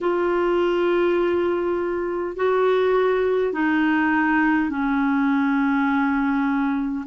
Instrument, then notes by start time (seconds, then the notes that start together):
clarinet
0.01 F4
2.36 F#4
3.52 D#4
4.70 C#4